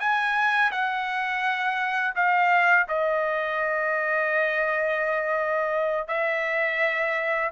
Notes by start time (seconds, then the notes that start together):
0.00 G#5
0.72 F#5
2.16 F5
2.88 D#5
6.08 E5